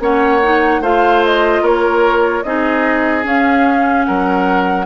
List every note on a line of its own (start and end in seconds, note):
0.00 0.80 A#3
0.00 0.41 C#4
0.00 0.81 C#5
0.00 0.83 F#5
0.43 0.83 D#4
0.80 1.61 A3
0.80 2.45 F4
0.80 1.62 C5
0.80 1.24 F5
1.24 1.65 D#5
1.61 2.43 A#3
1.61 2.43 A#4
1.61 2.43 C#5
2.43 3.25 C4
2.43 3.23 D#4
2.43 4.07 G#4
2.43 3.24 D#5
3.23 4.86 C#4
3.23 4.06 C#4
3.23 4.05 F5
4.05 4.86 F#3
4.05 4.86 A#4
4.05 4.86 F#5